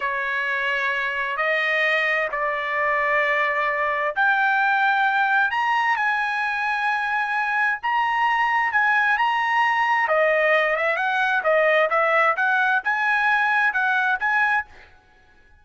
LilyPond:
\new Staff \with { instrumentName = "trumpet" } { \time 4/4 \tempo 4 = 131 cis''2. dis''4~ | dis''4 d''2.~ | d''4 g''2. | ais''4 gis''2.~ |
gis''4 ais''2 gis''4 | ais''2 dis''4. e''8 | fis''4 dis''4 e''4 fis''4 | gis''2 fis''4 gis''4 | }